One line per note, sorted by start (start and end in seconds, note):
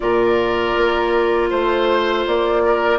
0.00 0.75 A#2
0.00 2.98 F4
0.00 1.50 A#4
0.00 1.48 D5
0.77 1.51 A#3
1.50 2.26 A3
1.50 2.62 C5
1.50 2.26 C5
2.26 2.98 A#3
2.26 2.98 D5
2.65 2.98 A#4